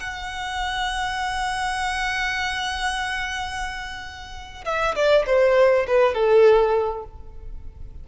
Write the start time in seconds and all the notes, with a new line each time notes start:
0.00 F#5
4.65 E5
4.96 D5
5.27 C5
5.87 B4
6.14 A4